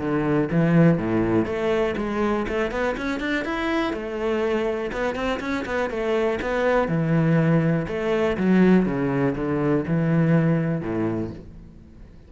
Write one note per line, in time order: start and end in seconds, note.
0.00 0.49 D3
0.52 0.98 E3
0.98 1.46 A2
1.46 1.95 A3
1.97 2.46 G#3
2.48 2.71 A3
2.71 2.96 B3
2.97 3.20 C#4
3.20 3.45 D4
3.45 3.93 E4
3.93 4.92 A3
4.92 5.15 B3
5.15 5.40 C4
5.40 5.65 C#4
5.66 5.90 B3
5.90 6.39 A3
6.42 6.88 B3
6.88 7.86 E3
7.88 8.37 A3
8.37 8.86 F#3
8.86 9.35 C#3
9.36 9.85 D3
9.87 10.82 E3
10.82 11.31 A2